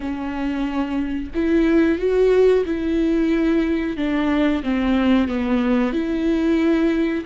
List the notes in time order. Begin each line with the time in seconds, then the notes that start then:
0.00 C#4
1.35 E4
1.98 F#4
2.65 E4
3.97 D4
4.63 C4
5.28 B3
5.92 E4